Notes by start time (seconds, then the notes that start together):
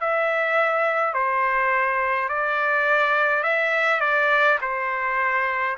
0.00 E5
1.13 C5
2.28 D5
3.42 E5
4.00 D5
4.61 C5